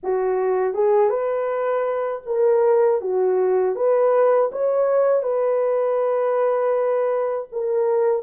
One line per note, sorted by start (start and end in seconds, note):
0.03 0.74 F#4
0.74 1.09 G#4
1.09 2.22 B4
2.26 3.01 A#4
3.01 3.75 F#4
3.75 4.50 B4
4.51 5.23 C#5
5.23 7.48 B4
7.52 8.22 A#4